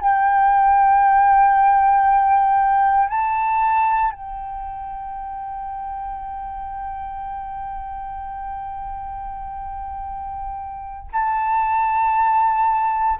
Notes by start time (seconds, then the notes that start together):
0.00 G5
3.08 A5
4.11 G5
11.12 A5